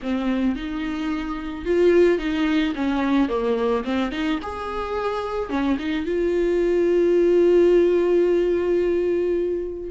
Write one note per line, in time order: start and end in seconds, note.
0.02 0.55 C4
0.55 1.65 D#4
1.65 2.18 F4
2.18 2.73 D#4
2.75 3.28 C#4
3.28 3.83 A#3
3.84 4.11 C4
4.11 4.39 D#4
4.42 5.49 G#4
5.49 5.77 C#4
5.78 6.05 D#4
6.05 9.90 F4